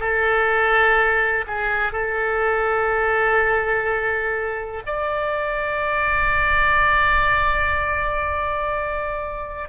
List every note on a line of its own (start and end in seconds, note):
0.00 1.45 A4
1.47 1.92 G#4
1.92 4.83 A4
4.87 9.69 D5